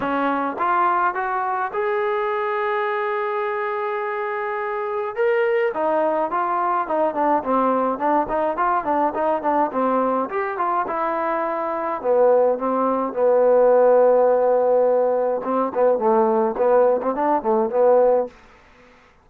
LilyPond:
\new Staff \with { instrumentName = "trombone" } { \time 4/4 \tempo 4 = 105 cis'4 f'4 fis'4 gis'4~ | gis'1~ | gis'4 ais'4 dis'4 f'4 | dis'8 d'8 c'4 d'8 dis'8 f'8 d'8 |
dis'8 d'8 c'4 g'8 f'8 e'4~ | e'4 b4 c'4 b4~ | b2. c'8 b8 | a4 b8. c'16 d'8 a8 b4 | }